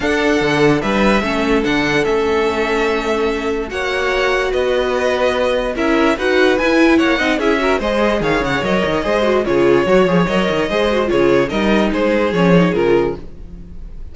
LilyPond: <<
  \new Staff \with { instrumentName = "violin" } { \time 4/4 \tempo 4 = 146 fis''2 e''2 | fis''4 e''2.~ | e''4 fis''2 dis''4~ | dis''2 e''4 fis''4 |
gis''4 fis''4 e''4 dis''4 | f''8 fis''8 dis''2 cis''4~ | cis''4 dis''2 cis''4 | dis''4 c''4 cis''4 ais'4 | }
  \new Staff \with { instrumentName = "violin" } { \time 4/4 a'2 b'4 a'4~ | a'1~ | a'4 cis''2 b'4~ | b'2 ais'4 b'4~ |
b'4 cis''8 dis''8 gis'8 ais'8 c''4 | cis''2 c''4 gis'4 | cis''2 c''4 gis'4 | ais'4 gis'2. | }
  \new Staff \with { instrumentName = "viola" } { \time 4/4 d'2. cis'4 | d'4 cis'2.~ | cis'4 fis'2.~ | fis'2 e'4 fis'4 |
e'4. dis'8 e'8 fis'8 gis'4~ | gis'4 ais'4 gis'8 fis'8 f'4 | fis'8 gis'8 ais'4 gis'8 fis'8 f'4 | dis'2 cis'8 dis'8 f'4 | }
  \new Staff \with { instrumentName = "cello" } { \time 4/4 d'4 d4 g4 a4 | d4 a2.~ | a4 ais2 b4~ | b2 cis'4 dis'4 |
e'4 ais8 c'8 cis'4 gis4 | dis8 cis8 fis8 dis8 gis4 cis4 | fis8 f8 fis8 dis8 gis4 cis4 | g4 gis4 f4 cis4 | }
>>